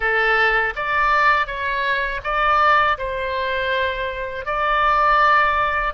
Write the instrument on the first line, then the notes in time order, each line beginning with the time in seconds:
oboe
0.00 A4
0.75 D5
1.46 C#5
2.23 D5
2.98 C5
4.45 D5